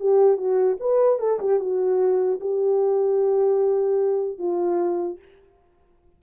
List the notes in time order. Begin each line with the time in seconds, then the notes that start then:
0.00 G4
0.37 F#4
0.80 B4
1.19 A4
1.39 G4
1.59 F#4
2.40 G4
4.38 F4